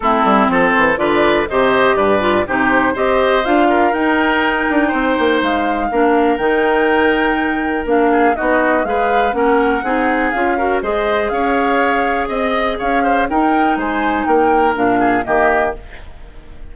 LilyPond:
<<
  \new Staff \with { instrumentName = "flute" } { \time 4/4 \tempo 4 = 122 a'4 c''4 d''4 dis''4 | d''4 c''4 dis''4 f''4 | g''2. f''4~ | f''4 g''2. |
f''4 dis''4 f''4 fis''4~ | fis''4 f''4 dis''4 f''4~ | f''4 dis''4 f''4 g''4 | gis''4 g''4 f''4 dis''4 | }
  \new Staff \with { instrumentName = "oboe" } { \time 4/4 e'4 a'4 b'4 c''4 | b'4 g'4 c''4. ais'8~ | ais'2 c''2 | ais'1~ |
ais'8 gis'8 fis'4 b'4 ais'4 | gis'4. ais'8 c''4 cis''4~ | cis''4 dis''4 cis''8 c''8 ais'4 | c''4 ais'4. gis'8 g'4 | }
  \new Staff \with { instrumentName = "clarinet" } { \time 4/4 c'2 f'4 g'4~ | g'8 f'8 dis'4 g'4 f'4 | dis'1 | d'4 dis'2. |
d'4 dis'4 gis'4 cis'4 | dis'4 f'8 fis'8 gis'2~ | gis'2. dis'4~ | dis'2 d'4 ais4 | }
  \new Staff \with { instrumentName = "bassoon" } { \time 4/4 a8 g8 f8 e8 d4 c4 | g,4 c4 c'4 d'4 | dis'4. d'8 c'8 ais8 gis4 | ais4 dis2. |
ais4 b4 gis4 ais4 | c'4 cis'4 gis4 cis'4~ | cis'4 c'4 cis'4 dis'4 | gis4 ais4 ais,4 dis4 | }
>>